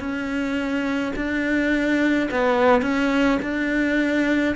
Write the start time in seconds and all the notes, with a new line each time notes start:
0.00 C#4
1.16 D4
2.31 B3
2.82 C#4
3.42 D4